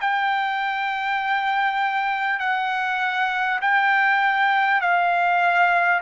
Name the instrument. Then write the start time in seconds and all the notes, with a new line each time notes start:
trumpet
0.00 G5
2.39 F#5
3.61 G5
4.81 F5